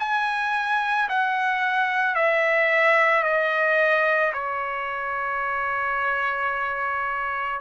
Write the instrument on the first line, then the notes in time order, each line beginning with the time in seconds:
trumpet
0.00 G#5
1.10 F#5
2.16 E5
3.24 D#5
4.34 C#5